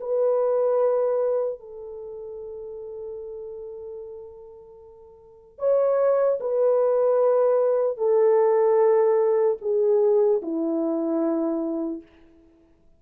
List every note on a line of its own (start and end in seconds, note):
0.00 1.59 B4
1.59 5.59 A4
5.59 6.39 C#5
6.40 7.97 B4
7.97 9.57 A4
9.61 10.41 G#4
10.42 12.02 E4